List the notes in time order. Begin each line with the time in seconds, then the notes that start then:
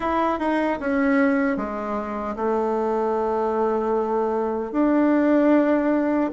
0.00 E4
0.39 D#4
0.80 C#4
1.56 G#3
2.35 A3
4.72 D4